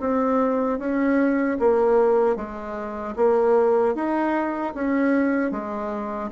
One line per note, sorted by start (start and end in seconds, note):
0.00 0.79 C4
0.79 1.58 C#4
1.59 2.36 A#3
2.36 3.15 G#3
3.16 3.95 A#3
3.95 4.74 D#4
4.74 5.51 C#4
5.51 6.30 G#3